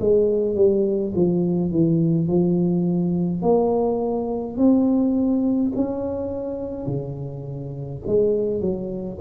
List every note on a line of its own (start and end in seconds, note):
0.00 0.55 G#3
0.55 1.13 G3
1.15 1.71 F3
1.71 2.27 E3
2.27 3.41 F3
3.41 4.57 A#3
4.57 5.72 C4
5.75 6.87 C#4
6.87 8.02 C#3
8.06 8.60 G#3
8.60 9.18 F#3